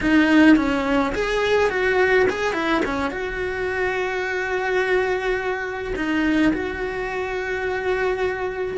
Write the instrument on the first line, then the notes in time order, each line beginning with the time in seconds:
cello
0.00 D#4
0.56 C#4
1.14 G#4
1.70 F#4
2.29 G#4
2.53 E4
2.85 C#4
3.11 F#4
5.96 D#4
6.53 F#4